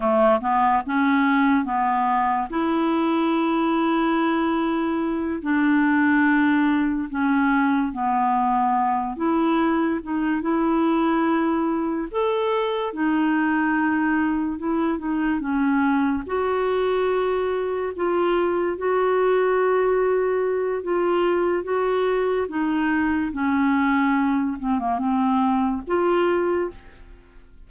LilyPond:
\new Staff \with { instrumentName = "clarinet" } { \time 4/4 \tempo 4 = 72 a8 b8 cis'4 b4 e'4~ | e'2~ e'8 d'4.~ | d'8 cis'4 b4. e'4 | dis'8 e'2 a'4 dis'8~ |
dis'4. e'8 dis'8 cis'4 fis'8~ | fis'4. f'4 fis'4.~ | fis'4 f'4 fis'4 dis'4 | cis'4. c'16 ais16 c'4 f'4 | }